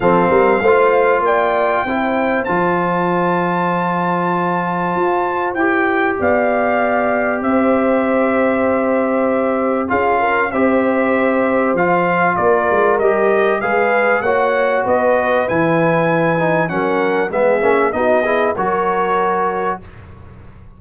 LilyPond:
<<
  \new Staff \with { instrumentName = "trumpet" } { \time 4/4 \tempo 4 = 97 f''2 g''2 | a''1~ | a''4 g''4 f''2 | e''1 |
f''4 e''2 f''4 | d''4 dis''4 f''4 fis''4 | dis''4 gis''2 fis''4 | e''4 dis''4 cis''2 | }
  \new Staff \with { instrumentName = "horn" } { \time 4/4 a'8 ais'8 c''4 d''4 c''4~ | c''1~ | c''2 d''2 | c''1 |
gis'8 ais'8 c''2. | ais'2 b'4 cis''4 | b'2. ais'4 | gis'4 fis'8 gis'8 ais'2 | }
  \new Staff \with { instrumentName = "trombone" } { \time 4/4 c'4 f'2 e'4 | f'1~ | f'4 g'2.~ | g'1 |
f'4 g'2 f'4~ | f'4 g'4 gis'4 fis'4~ | fis'4 e'4. dis'8 cis'4 | b8 cis'8 dis'8 e'8 fis'2 | }
  \new Staff \with { instrumentName = "tuba" } { \time 4/4 f8 g8 a4 ais4 c'4 | f1 | f'4 e'4 b2 | c'1 |
cis'4 c'2 f4 | ais8 gis8 g4 gis4 ais4 | b4 e2 fis4 | gis8 ais8 b4 fis2 | }
>>